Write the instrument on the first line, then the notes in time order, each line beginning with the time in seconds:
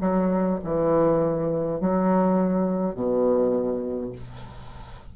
bassoon
0.00 F#3
0.64 E3
1.80 F#3
2.94 B2